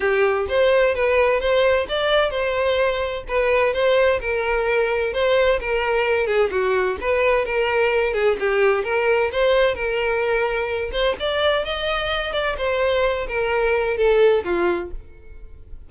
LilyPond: \new Staff \with { instrumentName = "violin" } { \time 4/4 \tempo 4 = 129 g'4 c''4 b'4 c''4 | d''4 c''2 b'4 | c''4 ais'2 c''4 | ais'4. gis'8 fis'4 b'4 |
ais'4. gis'8 g'4 ais'4 | c''4 ais'2~ ais'8 c''8 | d''4 dis''4. d''8 c''4~ | c''8 ais'4. a'4 f'4 | }